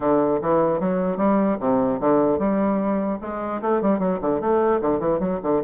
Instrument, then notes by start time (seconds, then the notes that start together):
bassoon
0.00 D3
0.41 E3
0.80 F#3
1.17 G3
1.59 C3
2.00 D3
2.39 G3
3.21 G#3
3.61 A3
3.81 G3
3.99 F#3
4.21 D3
4.40 A3
4.81 D3
4.99 E3
5.19 F#3
5.43 D3